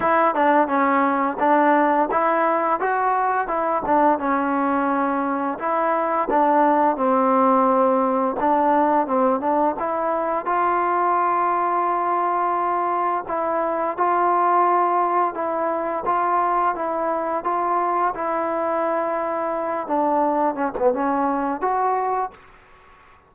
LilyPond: \new Staff \with { instrumentName = "trombone" } { \time 4/4 \tempo 4 = 86 e'8 d'8 cis'4 d'4 e'4 | fis'4 e'8 d'8 cis'2 | e'4 d'4 c'2 | d'4 c'8 d'8 e'4 f'4~ |
f'2. e'4 | f'2 e'4 f'4 | e'4 f'4 e'2~ | e'8 d'4 cis'16 b16 cis'4 fis'4 | }